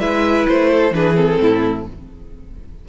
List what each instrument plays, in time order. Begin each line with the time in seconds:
0.00 cello G#3, viola E4, violin B4 E5
0.48 cello A3, violin C5
0.71 violin A4
0.91 cello E3, viola D4, violin G#4 B4
1.15 viola C4, violin A4
1.41 cello A2, violin E4